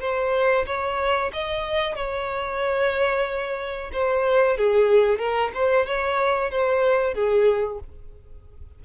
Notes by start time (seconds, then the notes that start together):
0.00 C5
0.66 C#5
1.33 D#5
1.95 C#5
3.92 C5
4.57 G#4
5.19 A#4
5.54 C5
5.86 C#5
6.51 C5
7.14 G#4